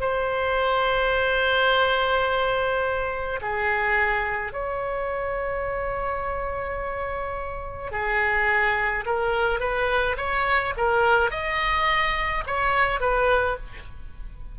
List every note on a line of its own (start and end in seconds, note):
0.00 3.40 C5
3.41 4.52 G#4
4.52 7.91 C#5
7.91 9.05 G#4
9.06 9.60 A#4
9.60 10.16 B4
10.17 10.73 C#5
10.77 11.31 A#4
11.31 12.44 D#5
12.46 13.00 C#5
13.00 13.56 B4